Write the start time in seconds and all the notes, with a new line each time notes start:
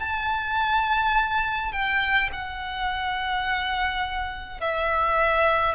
0.00 A5
1.73 G5
2.33 F#5
4.61 E5